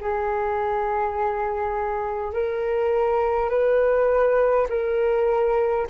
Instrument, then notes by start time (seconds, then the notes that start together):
flute
0.00 G#4
2.33 A#4
3.49 B4
4.69 A#4